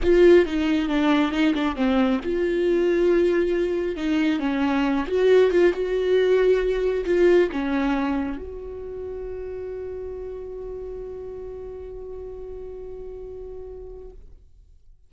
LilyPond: \new Staff \with { instrumentName = "viola" } { \time 4/4 \tempo 4 = 136 f'4 dis'4 d'4 dis'8 d'8 | c'4 f'2.~ | f'4 dis'4 cis'4. fis'8~ | fis'8 f'8 fis'2. |
f'4 cis'2 fis'4~ | fis'1~ | fis'1~ | fis'1 | }